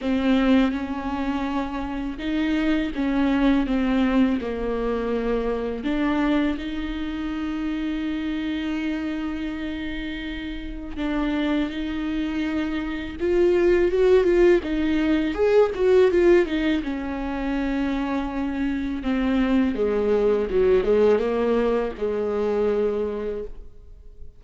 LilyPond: \new Staff \with { instrumentName = "viola" } { \time 4/4 \tempo 4 = 82 c'4 cis'2 dis'4 | cis'4 c'4 ais2 | d'4 dis'2.~ | dis'2. d'4 |
dis'2 f'4 fis'8 f'8 | dis'4 gis'8 fis'8 f'8 dis'8 cis'4~ | cis'2 c'4 gis4 | fis8 gis8 ais4 gis2 | }